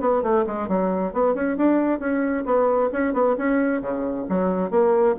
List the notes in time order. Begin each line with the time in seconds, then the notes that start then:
0.00 B3
0.22 A3
0.46 G#3
0.68 F#3
1.13 B3
1.34 C#4
1.57 D4
1.99 C#4
2.45 B3
2.92 C#4
3.13 B3
3.38 C#4
3.81 C#3
4.29 F#3
4.70 A#3